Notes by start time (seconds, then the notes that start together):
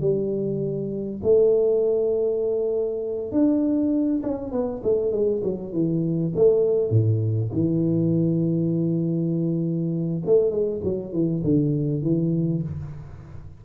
0.00 G3
1.23 A3
3.31 D4
4.23 C#4
4.51 B3
4.83 A3
5.11 G#3
5.43 F#3
5.72 E3
6.35 A3
6.90 A2
7.52 E3
10.25 A3
10.50 G#3
10.83 F#3
11.12 E3
11.44 D3
12.02 E3